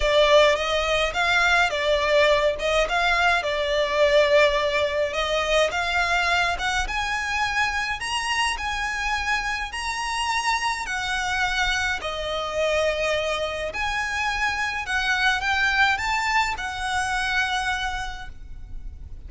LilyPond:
\new Staff \with { instrumentName = "violin" } { \time 4/4 \tempo 4 = 105 d''4 dis''4 f''4 d''4~ | d''8 dis''8 f''4 d''2~ | d''4 dis''4 f''4. fis''8 | gis''2 ais''4 gis''4~ |
gis''4 ais''2 fis''4~ | fis''4 dis''2. | gis''2 fis''4 g''4 | a''4 fis''2. | }